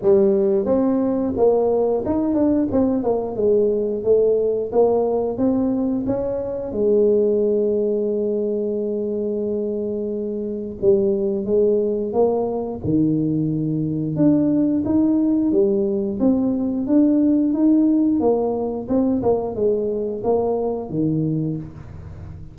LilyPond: \new Staff \with { instrumentName = "tuba" } { \time 4/4 \tempo 4 = 89 g4 c'4 ais4 dis'8 d'8 | c'8 ais8 gis4 a4 ais4 | c'4 cis'4 gis2~ | gis1 |
g4 gis4 ais4 dis4~ | dis4 d'4 dis'4 g4 | c'4 d'4 dis'4 ais4 | c'8 ais8 gis4 ais4 dis4 | }